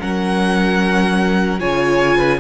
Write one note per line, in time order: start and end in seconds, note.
0.00 1.62 F#3
0.00 1.60 C#4
0.00 1.60 A#4
0.00 1.60 F#5
1.60 2.41 C#3
1.60 2.40 F4
1.60 2.18 C#5
1.60 2.40 G#5
2.18 2.38 B4